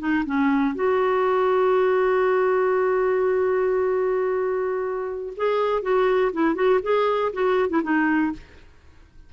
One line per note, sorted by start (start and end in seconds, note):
0.00 0.25 D#4
0.26 0.75 C#4
0.75 5.34 F#4
5.37 5.83 G#4
5.83 6.32 F#4
6.34 6.55 E4
6.55 6.80 F#4
6.83 7.33 G#4
7.33 7.70 F#4
7.70 7.82 E4
7.83 8.33 D#4